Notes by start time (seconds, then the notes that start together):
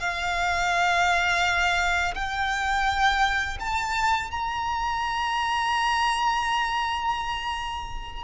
0.00 F5
2.15 G5
3.60 A5
4.31 A#5